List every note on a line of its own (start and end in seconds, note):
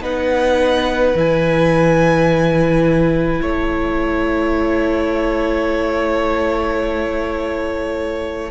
0.00 1.13 B3
0.00 1.15 D#4
0.00 3.41 B4
0.00 1.18 F#5
1.14 3.41 E3
1.14 8.50 E4
1.14 3.43 G#5
3.41 8.50 A3
3.41 8.50 C#5
3.41 8.50 A5